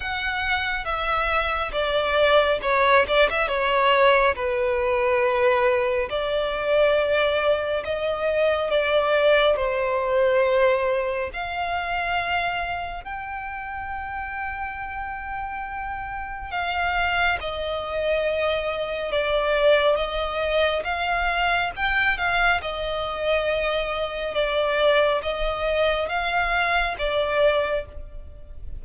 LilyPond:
\new Staff \with { instrumentName = "violin" } { \time 4/4 \tempo 4 = 69 fis''4 e''4 d''4 cis''8 d''16 e''16 | cis''4 b'2 d''4~ | d''4 dis''4 d''4 c''4~ | c''4 f''2 g''4~ |
g''2. f''4 | dis''2 d''4 dis''4 | f''4 g''8 f''8 dis''2 | d''4 dis''4 f''4 d''4 | }